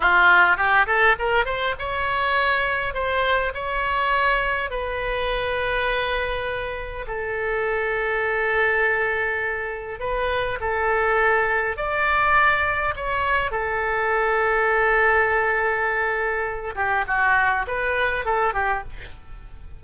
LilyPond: \new Staff \with { instrumentName = "oboe" } { \time 4/4 \tempo 4 = 102 f'4 g'8 a'8 ais'8 c''8 cis''4~ | cis''4 c''4 cis''2 | b'1 | a'1~ |
a'4 b'4 a'2 | d''2 cis''4 a'4~ | a'1~ | a'8 g'8 fis'4 b'4 a'8 g'8 | }